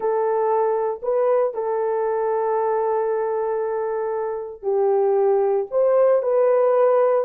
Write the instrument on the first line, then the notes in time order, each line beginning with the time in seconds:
horn
0.00 A4
1.02 B4
1.54 A4
4.62 G4
5.70 C5
6.22 B4